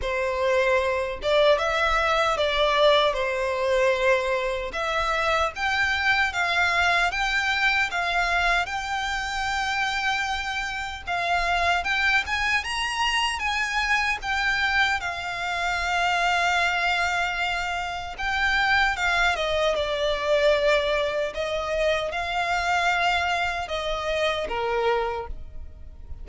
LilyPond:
\new Staff \with { instrumentName = "violin" } { \time 4/4 \tempo 4 = 76 c''4. d''8 e''4 d''4 | c''2 e''4 g''4 | f''4 g''4 f''4 g''4~ | g''2 f''4 g''8 gis''8 |
ais''4 gis''4 g''4 f''4~ | f''2. g''4 | f''8 dis''8 d''2 dis''4 | f''2 dis''4 ais'4 | }